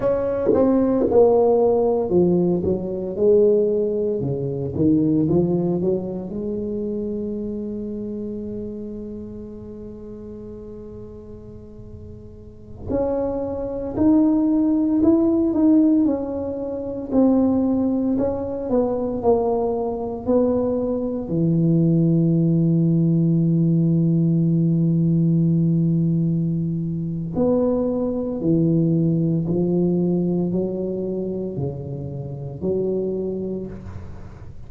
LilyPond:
\new Staff \with { instrumentName = "tuba" } { \time 4/4 \tempo 4 = 57 cis'8 c'8 ais4 f8 fis8 gis4 | cis8 dis8 f8 fis8 gis2~ | gis1~ | gis16 cis'4 dis'4 e'8 dis'8 cis'8.~ |
cis'16 c'4 cis'8 b8 ais4 b8.~ | b16 e2.~ e8.~ | e2 b4 e4 | f4 fis4 cis4 fis4 | }